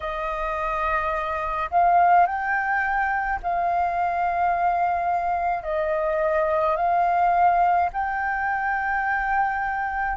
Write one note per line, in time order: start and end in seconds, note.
0.00 1.70 D#5
1.70 2.26 F5
2.26 3.40 G5
3.43 5.63 F5
5.63 6.76 D#5
6.76 7.89 F5
7.92 10.17 G5